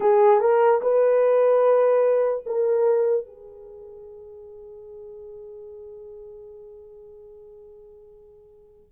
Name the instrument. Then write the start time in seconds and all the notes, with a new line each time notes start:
horn
0.00 G#4
0.40 A#4
0.81 B4
2.45 A#4
3.26 G#4